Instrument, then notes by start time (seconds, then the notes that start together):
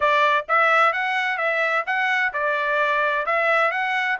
trumpet
0.00 D5
0.48 E5
0.92 F#5
1.37 E5
1.86 F#5
2.33 D5
3.26 E5
3.71 F#5